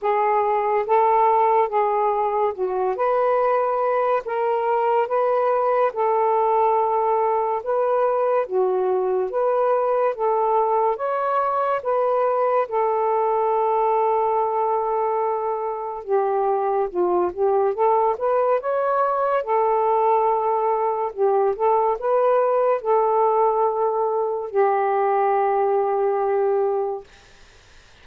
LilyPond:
\new Staff \with { instrumentName = "saxophone" } { \time 4/4 \tempo 4 = 71 gis'4 a'4 gis'4 fis'8 b'8~ | b'4 ais'4 b'4 a'4~ | a'4 b'4 fis'4 b'4 | a'4 cis''4 b'4 a'4~ |
a'2. g'4 | f'8 g'8 a'8 b'8 cis''4 a'4~ | a'4 g'8 a'8 b'4 a'4~ | a'4 g'2. | }